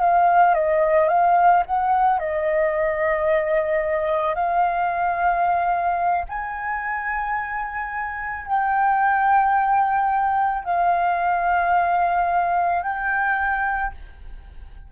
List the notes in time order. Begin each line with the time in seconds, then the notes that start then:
0.00 F5
0.55 D#5
1.09 F5
1.66 F#5
2.19 D#5
4.35 F5
6.29 G#5
8.47 G5
10.65 F5
12.83 G5